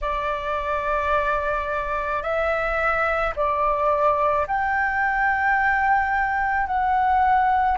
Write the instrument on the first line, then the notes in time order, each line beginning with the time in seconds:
flute
0.01 D5
2.22 E5
3.35 D5
4.47 G5
6.67 F#5